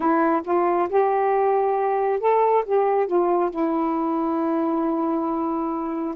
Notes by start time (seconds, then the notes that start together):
0.00 E4
0.44 F4
0.89 G4
2.20 A4
2.65 G4
3.06 F4
3.50 E4